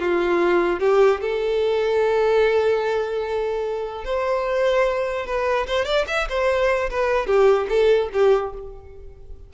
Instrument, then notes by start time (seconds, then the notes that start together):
violin
0.00 F4
0.80 G4
1.21 A4
4.05 C5
5.27 B4
5.68 C5
5.86 D5
6.08 E5
6.29 C5
6.90 B4
7.27 G4
7.69 A4
8.13 G4